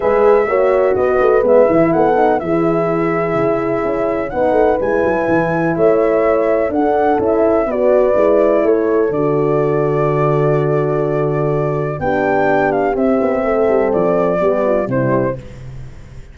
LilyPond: <<
  \new Staff \with { instrumentName = "flute" } { \time 4/4 \tempo 4 = 125 e''2 dis''4 e''4 | fis''4 e''2.~ | e''4 fis''4 gis''2 | e''2 fis''4 e''4 |
d''2 cis''4 d''4~ | d''1~ | d''4 g''4. f''8 e''4~ | e''4 d''2 c''4 | }
  \new Staff \with { instrumentName = "horn" } { \time 4/4 b'4 cis''4 b'2 | a'4 gis'2.~ | gis'4 b'2. | cis''2 a'2 |
b'2 a'2~ | a'1~ | a'4 g'2. | a'2 g'8 f'8 e'4 | }
  \new Staff \with { instrumentName = "horn" } { \time 4/4 gis'4 fis'2 b8 e'8~ | e'8 dis'8 e'2.~ | e'4 dis'4 e'2~ | e'2 d'4 e'4 |
fis'4 e'2 fis'4~ | fis'1~ | fis'4 d'2 c'4~ | c'2 b4 g4 | }
  \new Staff \with { instrumentName = "tuba" } { \time 4/4 gis4 ais4 b8 a8 gis8 e8 | b4 e2 cis4 | cis'4 b8 a8 gis8 fis8 e4 | a2 d'4 cis'4 |
b4 gis4 a4 d4~ | d1~ | d4 b2 c'8 b8 | a8 g8 f4 g4 c4 | }
>>